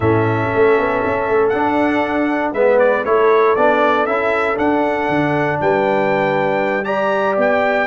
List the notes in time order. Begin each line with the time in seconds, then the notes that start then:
0.00 A2 C#4 A4 E5
0.54 A3
0.78 B3
1.05 C#4
1.28 A3
1.49 D4 F#5
2.52 G#3 B3 B4 E5
2.78 D5
3.05 A3 E4 A4 C#5
3.55 B3 D4 D5
4.05 C#4 E4 E5
4.54 D4 F#5
5.08 D3
5.60 G3 B4 G5
6.84 G4 D5 A#5
7.37 B3 G5